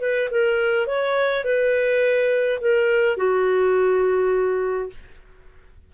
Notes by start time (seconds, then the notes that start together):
0.00 B4
0.30 A#4
0.87 C#5
1.44 B4
2.60 A#4
3.17 F#4